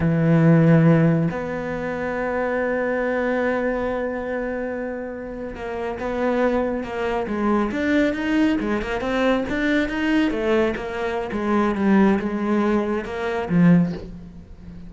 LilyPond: \new Staff \with { instrumentName = "cello" } { \time 4/4 \tempo 4 = 138 e2. b4~ | b1~ | b1~ | b8. ais4 b2 ais16~ |
ais8. gis4 d'4 dis'4 gis16~ | gis16 ais8 c'4 d'4 dis'4 a16~ | a8. ais4~ ais16 gis4 g4 | gis2 ais4 f4 | }